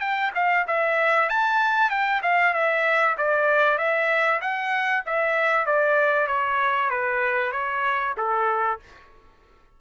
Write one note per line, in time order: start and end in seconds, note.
0.00 0.31 G5
0.35 0.66 F5
0.67 1.29 E5
1.29 1.90 A5
1.90 2.21 G5
2.22 2.53 F5
2.53 3.16 E5
3.18 3.78 D5
3.78 4.41 E5
4.41 5.04 F#5
5.06 5.66 E5
5.66 6.27 D5
6.27 6.90 C#5
6.90 7.52 B4
7.52 8.14 C#5
8.17 8.80 A4